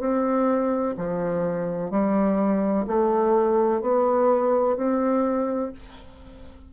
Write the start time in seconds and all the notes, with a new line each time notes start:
0.00 C4
0.97 F3
1.91 G3
2.87 A3
3.82 B3
4.77 C4